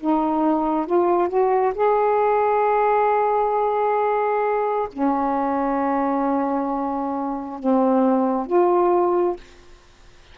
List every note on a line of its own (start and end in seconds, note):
0.00 0.86 D#4
0.86 1.28 F4
1.28 1.73 F#4
1.74 4.88 G#4
4.92 7.59 C#4
7.59 8.46 C4
8.46 9.36 F4